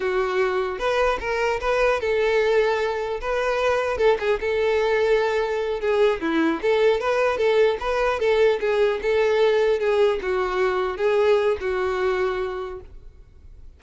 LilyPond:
\new Staff \with { instrumentName = "violin" } { \time 4/4 \tempo 4 = 150 fis'2 b'4 ais'4 | b'4 a'2. | b'2 a'8 gis'8 a'4~ | a'2~ a'8 gis'4 e'8~ |
e'8 a'4 b'4 a'4 b'8~ | b'8 a'4 gis'4 a'4.~ | a'8 gis'4 fis'2 gis'8~ | gis'4 fis'2. | }